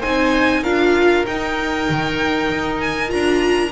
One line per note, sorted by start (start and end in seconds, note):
0.00 0.64 C4
0.00 0.65 D#4
0.00 0.62 C5
0.00 0.64 G#5
0.62 1.26 D4
0.62 1.27 F4
0.62 3.72 A#4
0.62 1.26 F5
1.27 1.89 D#4
1.27 3.08 D#4
1.27 2.81 G5
1.90 2.50 D#3
2.50 3.12 D#4
2.81 3.11 G#5
3.08 3.72 D4
3.08 3.70 F4
3.08 3.72 A#5